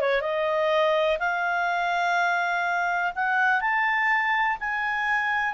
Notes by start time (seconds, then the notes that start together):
0.00 C#5
0.21 D#5
1.19 F5
3.15 F#5
3.60 A5
4.60 G#5